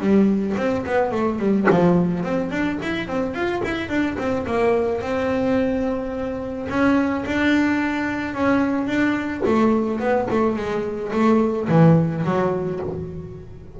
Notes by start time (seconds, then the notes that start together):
0.00 G3
0.57 C4
0.86 B3
1.11 A3
1.39 G3
1.70 F3
2.23 C4
2.51 D4
2.82 E4
3.08 C4
3.34 F4
3.64 E4
3.89 D4
4.18 C4
4.46 A#3
5.02 C4
6.69 C#4
7.26 D4
8.35 C#4
8.87 D4
9.46 A3
10.00 B3
10.30 A3
10.56 G#3
11.13 A3
11.69 E3
12.24 F#3